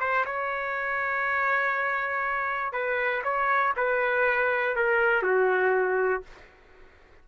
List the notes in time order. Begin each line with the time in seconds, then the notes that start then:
0.00 C5
0.25 C#5
2.73 B4
3.24 C#5
3.76 B4
4.76 A#4
5.22 F#4